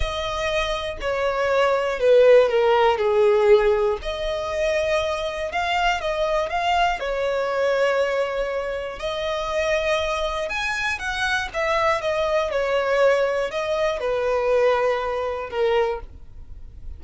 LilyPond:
\new Staff \with { instrumentName = "violin" } { \time 4/4 \tempo 4 = 120 dis''2 cis''2 | b'4 ais'4 gis'2 | dis''2. f''4 | dis''4 f''4 cis''2~ |
cis''2 dis''2~ | dis''4 gis''4 fis''4 e''4 | dis''4 cis''2 dis''4 | b'2. ais'4 | }